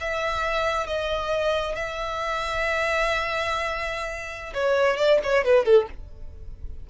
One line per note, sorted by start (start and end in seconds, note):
0.00 0.87 E5
0.87 1.76 D#5
1.76 4.53 E5
4.54 4.97 C#5
4.97 5.19 D5
5.23 5.45 C#5
5.45 5.65 B4
5.65 5.87 A4